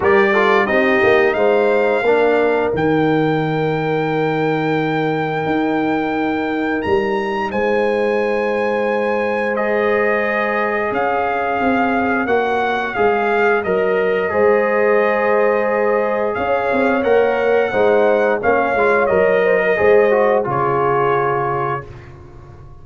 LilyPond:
<<
  \new Staff \with { instrumentName = "trumpet" } { \time 4/4 \tempo 4 = 88 d''4 dis''4 f''2 | g''1~ | g''2 ais''4 gis''4~ | gis''2 dis''2 |
f''2 fis''4 f''4 | dis''1 | f''4 fis''2 f''4 | dis''2 cis''2 | }
  \new Staff \with { instrumentName = "horn" } { \time 4/4 ais'8 a'8 g'4 c''4 ais'4~ | ais'1~ | ais'2. c''4~ | c''1 |
cis''1~ | cis''4 c''2. | cis''2 c''4 cis''4~ | cis''8 c''16 ais'16 c''4 gis'2 | }
  \new Staff \with { instrumentName = "trombone" } { \time 4/4 g'8 f'8 dis'2 d'4 | dis'1~ | dis'1~ | dis'2 gis'2~ |
gis'2 fis'4 gis'4 | ais'4 gis'2.~ | gis'4 ais'4 dis'4 cis'8 f'8 | ais'4 gis'8 fis'8 f'2 | }
  \new Staff \with { instrumentName = "tuba" } { \time 4/4 g4 c'8 ais8 gis4 ais4 | dis1 | dis'2 g4 gis4~ | gis1 |
cis'4 c'4 ais4 gis4 | fis4 gis2. | cis'8 c'8 ais4 gis4 ais8 gis8 | fis4 gis4 cis2 | }
>>